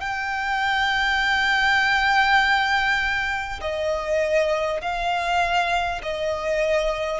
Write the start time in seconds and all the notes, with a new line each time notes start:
0.00 G5
3.61 D#5
4.81 F5
6.02 D#5